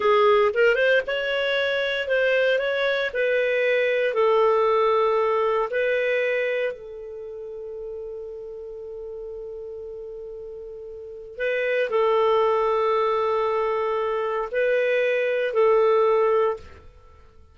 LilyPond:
\new Staff \with { instrumentName = "clarinet" } { \time 4/4 \tempo 4 = 116 gis'4 ais'8 c''8 cis''2 | c''4 cis''4 b'2 | a'2. b'4~ | b'4 a'2.~ |
a'1~ | a'2 b'4 a'4~ | a'1 | b'2 a'2 | }